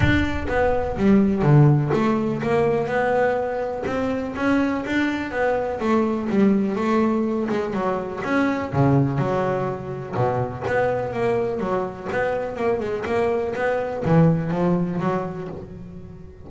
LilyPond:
\new Staff \with { instrumentName = "double bass" } { \time 4/4 \tempo 4 = 124 d'4 b4 g4 d4 | a4 ais4 b2 | c'4 cis'4 d'4 b4 | a4 g4 a4. gis8 |
fis4 cis'4 cis4 fis4~ | fis4 b,4 b4 ais4 | fis4 b4 ais8 gis8 ais4 | b4 e4 f4 fis4 | }